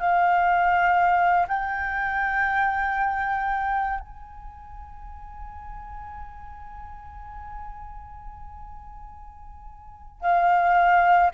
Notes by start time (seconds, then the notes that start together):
0.00 F5
1.48 G5
4.00 G#5
10.21 F5